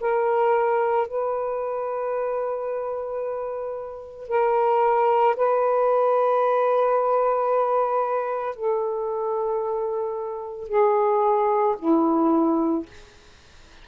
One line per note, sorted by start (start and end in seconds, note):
0.00 1.07 A#4
1.07 4.28 B4
4.28 5.35 A#4
5.36 8.56 B4
8.56 10.68 A4
10.68 11.75 G#4
11.79 12.86 E4